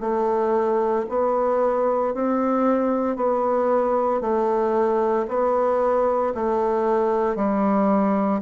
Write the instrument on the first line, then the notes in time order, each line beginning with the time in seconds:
bassoon
0.00 A3
1.09 B3
2.14 C4
3.16 B3
4.21 A3
5.28 B3
6.34 A3
7.35 G3